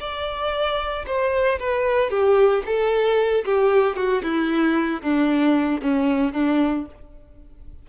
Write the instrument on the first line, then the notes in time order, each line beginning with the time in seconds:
violin
0.00 D5
1.07 C5
1.60 B4
2.10 G4
2.66 A4
3.45 G4
3.96 F#4
4.23 E4
5.02 D4
5.82 C#4
6.33 D4